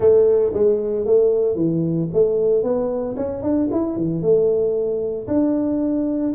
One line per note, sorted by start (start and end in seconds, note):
0.00 0.52 A3
0.53 1.05 G#3
1.05 1.55 A3
1.55 2.08 E3
2.13 2.63 A3
2.63 3.15 B3
3.16 3.42 C#4
3.42 3.68 D4
3.71 3.96 E4
3.96 4.22 E3
4.22 5.27 A3
5.27 6.33 D4